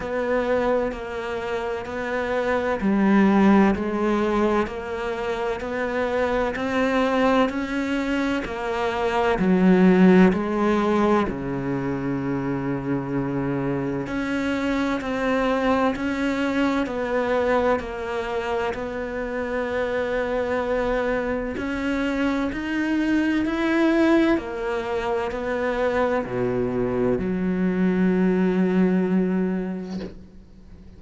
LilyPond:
\new Staff \with { instrumentName = "cello" } { \time 4/4 \tempo 4 = 64 b4 ais4 b4 g4 | gis4 ais4 b4 c'4 | cis'4 ais4 fis4 gis4 | cis2. cis'4 |
c'4 cis'4 b4 ais4 | b2. cis'4 | dis'4 e'4 ais4 b4 | b,4 fis2. | }